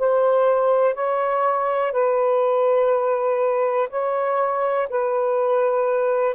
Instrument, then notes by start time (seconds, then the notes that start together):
saxophone
0.00 C5
0.95 C#5
1.93 B4
3.90 C#5
4.90 B4